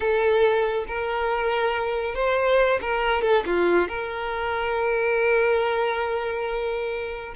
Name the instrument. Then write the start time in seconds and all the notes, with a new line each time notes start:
violin
0.00 A4
0.87 A#4
2.14 C5
2.81 A#4
3.22 A4
3.46 F4
3.88 A#4